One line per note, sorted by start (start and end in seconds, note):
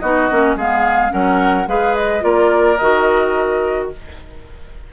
0.00 0.30 B3
0.00 0.31 D#4
0.00 0.57 F#4
0.00 0.56 D#5
0.31 0.56 A#3
0.31 0.58 C#4
0.56 1.11 G#3
0.56 1.10 B3
0.56 1.13 G#4
0.56 1.12 F5
1.10 1.67 F#3
1.10 1.65 C#4
1.10 1.69 A#4
1.10 1.68 F#5
1.67 2.23 G#3
1.67 2.20 G#4
1.67 2.24 B4
1.67 1.96 F5
1.96 2.24 D#5
2.20 2.79 A#3
2.20 2.76 F4
2.20 3.90 A#4
2.20 2.78 D5
2.78 3.92 D#3
2.78 3.92 F#4
2.78 3.89 D#5